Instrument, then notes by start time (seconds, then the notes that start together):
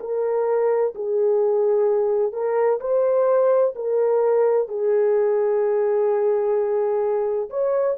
horn
0.00 A#4
0.95 G#4
2.33 A#4
2.80 C5
3.75 A#4
4.68 G#4
7.50 C#5